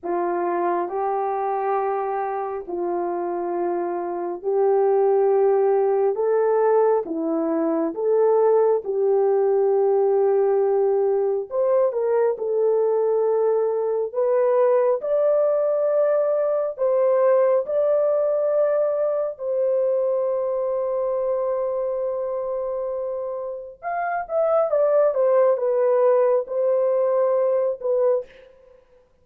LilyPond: \new Staff \with { instrumentName = "horn" } { \time 4/4 \tempo 4 = 68 f'4 g'2 f'4~ | f'4 g'2 a'4 | e'4 a'4 g'2~ | g'4 c''8 ais'8 a'2 |
b'4 d''2 c''4 | d''2 c''2~ | c''2. f''8 e''8 | d''8 c''8 b'4 c''4. b'8 | }